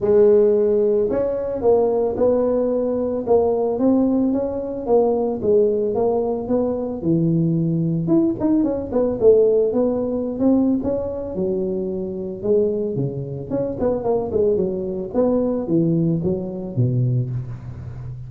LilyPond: \new Staff \with { instrumentName = "tuba" } { \time 4/4 \tempo 4 = 111 gis2 cis'4 ais4 | b2 ais4 c'4 | cis'4 ais4 gis4 ais4 | b4 e2 e'8 dis'8 |
cis'8 b8 a4 b4~ b16 c'8. | cis'4 fis2 gis4 | cis4 cis'8 b8 ais8 gis8 fis4 | b4 e4 fis4 b,4 | }